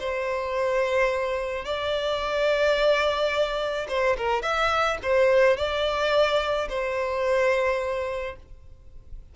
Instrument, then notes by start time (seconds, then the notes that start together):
violin
0.00 C5
1.65 D5
3.89 C5
4.18 A#4
4.42 E5
5.03 C5
5.57 D5
6.69 C5